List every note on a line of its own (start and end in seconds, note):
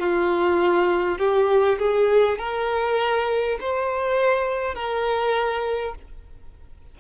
0.00 1.19 F4
1.19 1.79 G4
1.79 2.39 G#4
2.39 3.59 A#4
3.61 4.75 C5
4.75 5.95 A#4